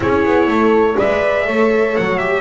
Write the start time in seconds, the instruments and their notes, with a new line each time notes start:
0.00 double bass C#4, viola E4, horn G#4, trumpet C#5
0.25 double bass B3
0.47 double bass A3, horn A4
0.96 double bass G#3, viola B4, horn D5, trumpet E5
1.44 double bass A3, viola A4, horn C#5
1.96 double bass F#3, trumpet F#5
2.18 viola G4, trumpet E5